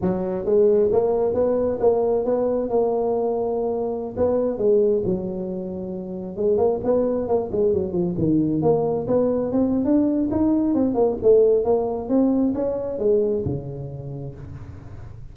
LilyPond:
\new Staff \with { instrumentName = "tuba" } { \time 4/4 \tempo 4 = 134 fis4 gis4 ais4 b4 | ais4 b4 ais2~ | ais4~ ais16 b4 gis4 fis8.~ | fis2~ fis16 gis8 ais8 b8.~ |
b16 ais8 gis8 fis8 f8 dis4 ais8.~ | ais16 b4 c'8. d'4 dis'4 | c'8 ais8 a4 ais4 c'4 | cis'4 gis4 cis2 | }